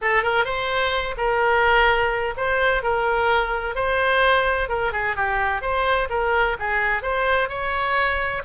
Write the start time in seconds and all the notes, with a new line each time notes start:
0.01 A4
0.22 A#4
0.45 C5
1.17 A#4
2.37 C5
2.83 A#4
3.75 C5
4.69 A#4
4.92 G#4
5.16 G4
5.61 C5
6.09 A#4
6.59 G#4
7.02 C5
7.49 C#5